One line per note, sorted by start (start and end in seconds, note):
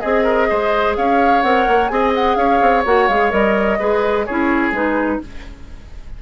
0.00 0.51 C4
0.00 0.23 G#4
0.00 1.44 G#4
0.00 0.94 D#5
0.23 0.47 A#4
0.49 0.97 G#3
0.49 0.96 C5
0.96 1.43 C#4
0.96 1.92 C#5
0.96 1.42 F5
1.42 1.66 C4
1.42 1.90 A#4
1.42 1.88 F#5
1.68 1.90 A#3
1.88 2.36 C4
1.88 2.85 G#4
1.88 2.37 D#5
1.88 2.11 G#5
2.14 2.35 F#5
2.35 2.60 C#4
2.35 3.79 C#5
2.35 2.82 F5
2.61 2.85 C4
2.85 3.09 A#3
2.85 3.09 F#4
2.85 3.08 F#5
3.08 3.32 G#3
3.08 3.30 G#4
3.08 3.31 F5
3.30 3.79 G3
3.30 3.77 A#4
3.30 4.25 D#5
3.79 4.28 G#3
3.79 4.26 G#4
3.79 4.25 B4
4.25 4.71 C#4
4.25 4.73 E4
4.25 5.20 G#4
4.25 4.72 C#5
4.71 5.19 G#3
4.71 5.21 D#4
4.71 5.22 B4